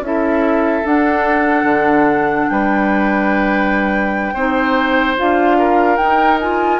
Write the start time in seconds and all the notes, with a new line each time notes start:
0.00 C#4 E4 E5
0.07 A4
0.84 D4 F#5
1.64 D3
2.49 G3 B4 G5
4.34 C4 D#4 C5
5.17 D4 F4 F5
5.58 A#4
5.97 D#4 G5
6.40 F4 G#5